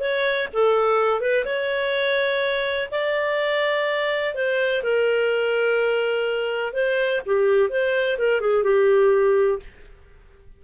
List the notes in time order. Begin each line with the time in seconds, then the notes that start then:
0.00 C#5
0.53 A4
1.21 B4
1.46 C#5
2.91 D5
4.35 C5
4.83 A#4
6.73 C5
7.26 G4
7.70 C5
8.19 A#4
8.41 G#4
8.64 G4